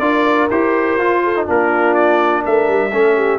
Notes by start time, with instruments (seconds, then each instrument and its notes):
0.00 tuba D4, trombone F4, horn A#4, trumpet D5
0.51 tuba E4, trombone G4, trumpet C5
0.98 tuba F4, trombone F4
1.24 horn A4
1.36 trombone D#4
1.46 tuba A#3, trombone D4, horn F4, trumpet A#4
1.95 trumpet D5
2.44 tuba A3, horn A#4, trumpet E5
2.69 tuba G3
2.92 tuba A3, trombone C#4, horn A4
3.16 horn G4